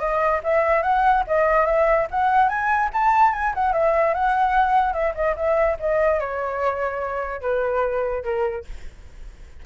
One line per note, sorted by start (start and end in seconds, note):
0.00 0.41 D#5
0.44 0.83 E5
0.83 1.24 F#5
1.28 1.66 D#5
1.66 2.08 E5
2.11 2.49 F#5
2.49 2.90 G#5
2.94 3.33 A5
3.33 3.54 G#5
3.55 3.73 F#5
3.73 4.15 E5
4.15 4.94 F#5
4.94 5.14 E5
5.16 5.36 D#5
5.37 5.78 E5
5.80 6.21 D#5
6.21 7.42 C#5
7.42 8.24 B4
8.24 8.65 A#4